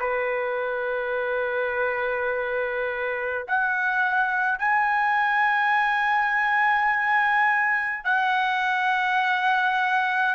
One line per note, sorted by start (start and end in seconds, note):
0.00 3.46 B4
3.48 4.59 F#5
4.59 8.05 G#5
8.05 10.35 F#5